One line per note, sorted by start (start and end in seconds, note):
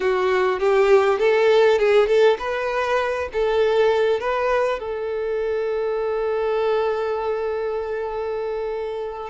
0.00 0.59 F#4
0.59 1.18 G4
1.18 1.78 A4
1.78 2.07 G#4
2.07 2.37 A4
2.38 3.28 B4
3.32 4.20 A4
4.20 4.79 B4
4.79 9.29 A4